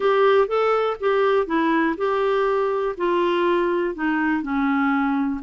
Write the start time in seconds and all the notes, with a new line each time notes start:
0.00 G4
0.47 A4
1.00 G4
1.46 E4
1.97 G4
2.97 F4
3.94 D#4
4.42 C#4